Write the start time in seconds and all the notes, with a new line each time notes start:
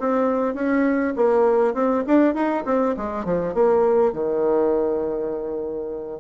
0.00 C4
0.55 C#4
1.16 A#3
1.74 C4
2.07 D4
2.34 D#4
2.65 C4
2.97 G#3
3.25 F3
3.54 A#3
4.13 D#3